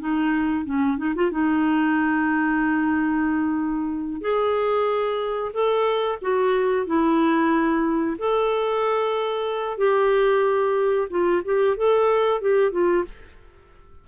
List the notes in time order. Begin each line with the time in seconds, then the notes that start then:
0.00 D#4
0.65 C#4
0.98 D#4
1.15 F4
1.31 D#4
4.22 G#4
5.53 A4
6.22 F#4
6.87 E4
8.18 A4
9.78 G4
11.10 F4
11.45 G4
11.77 A4
12.42 G4
12.72 F4